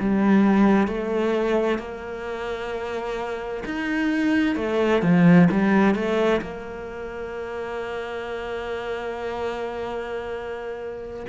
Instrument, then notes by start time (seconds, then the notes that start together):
cello
0.00 G3
0.88 A3
1.79 A#3
3.65 D#4
4.56 A3
5.03 F3
5.51 G3
5.95 A3
6.42 A#3